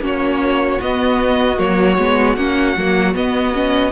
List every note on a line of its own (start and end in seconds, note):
0.00 0.78 A#3
0.00 0.79 C#4
0.00 3.92 F#4
0.00 0.81 C#5
0.81 1.57 B3
0.81 1.58 B3
0.81 1.59 D#5
1.57 1.97 F#3
1.57 1.96 A#3
1.57 2.35 C#5
1.97 2.36 G#3
1.97 2.37 B3
2.35 2.75 A#3
2.35 2.76 C#4
2.35 3.13 F#5
2.76 3.15 F#3
2.76 3.14 A#3
3.14 3.53 B3
3.14 3.92 B3
3.14 3.92 D#5
3.53 3.92 C#4